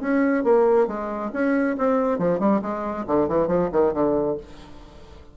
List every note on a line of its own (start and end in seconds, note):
0.00 0.43 C#4
0.43 0.87 A#3
0.87 1.30 G#3
1.33 1.76 C#4
1.77 2.18 C4
2.18 2.39 F3
2.39 2.61 G3
2.62 3.05 G#3
3.07 3.28 D3
3.28 3.47 E3
3.47 3.69 F3
3.72 3.93 D#3
3.93 4.37 D3